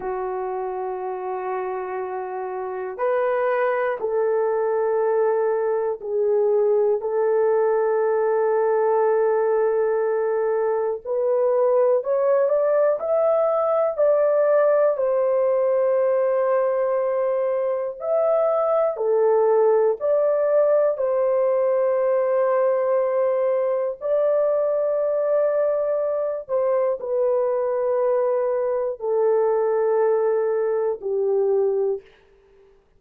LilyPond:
\new Staff \with { instrumentName = "horn" } { \time 4/4 \tempo 4 = 60 fis'2. b'4 | a'2 gis'4 a'4~ | a'2. b'4 | cis''8 d''8 e''4 d''4 c''4~ |
c''2 e''4 a'4 | d''4 c''2. | d''2~ d''8 c''8 b'4~ | b'4 a'2 g'4 | }